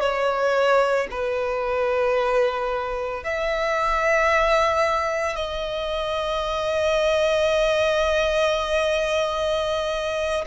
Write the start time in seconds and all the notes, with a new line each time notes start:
0.00 C#5
1.11 B4
3.23 E5
5.35 D#5